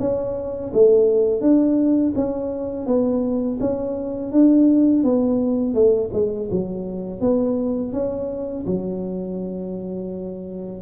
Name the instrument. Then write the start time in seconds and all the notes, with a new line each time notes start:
tuba
0.00 C#4
0.74 A3
1.41 D4
2.16 C#4
2.87 B3
3.60 C#4
4.32 D4
5.04 B3
5.74 A3
6.13 G#3
6.52 F#3
7.21 B3
7.93 C#4
8.66 F#3